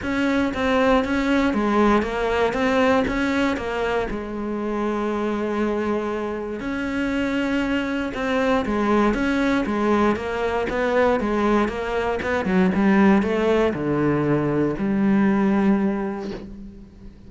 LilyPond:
\new Staff \with { instrumentName = "cello" } { \time 4/4 \tempo 4 = 118 cis'4 c'4 cis'4 gis4 | ais4 c'4 cis'4 ais4 | gis1~ | gis4 cis'2. |
c'4 gis4 cis'4 gis4 | ais4 b4 gis4 ais4 | b8 fis8 g4 a4 d4~ | d4 g2. | }